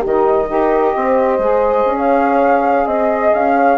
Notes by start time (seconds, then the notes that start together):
0.00 D#3 G4
0.06 D#4 D#5
0.49 D#4 G4 A#4
0.96 C4 C5
1.39 G#3 G#4
1.85 C#4
1.97 C#5 F5
2.85 C4 D#5
3.34 C#4 F5
3.56 C#5